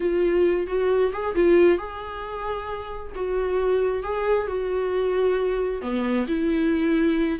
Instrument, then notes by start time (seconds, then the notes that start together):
viola
0.00 F4
0.67 F#4
1.12 G#4
1.35 F4
1.78 G#4
3.15 F#4
4.03 G#4
4.47 F#4
5.81 B3
6.27 E4